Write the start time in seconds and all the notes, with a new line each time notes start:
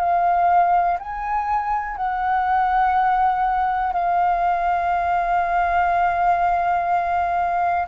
0.00 F5
1.00 G#5
1.97 F#5
3.93 F5